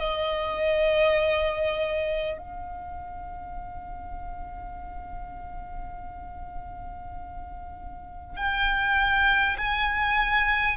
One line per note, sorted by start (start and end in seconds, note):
0.00 2.38 D#5
2.38 8.37 F5
8.37 9.57 G5
9.58 10.77 G#5